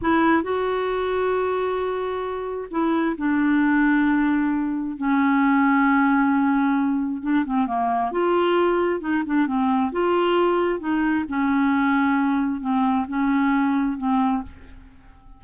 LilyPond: \new Staff \with { instrumentName = "clarinet" } { \time 4/4 \tempo 4 = 133 e'4 fis'2.~ | fis'2 e'4 d'4~ | d'2. cis'4~ | cis'1 |
d'8 c'8 ais4 f'2 | dis'8 d'8 c'4 f'2 | dis'4 cis'2. | c'4 cis'2 c'4 | }